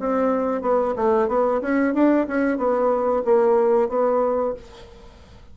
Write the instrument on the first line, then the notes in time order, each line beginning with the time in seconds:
bassoon
0.00 C4
0.62 B3
0.96 A3
1.28 B3
1.62 C#4
1.94 D4
2.28 C#4
2.58 B3
3.25 A#3
3.89 B3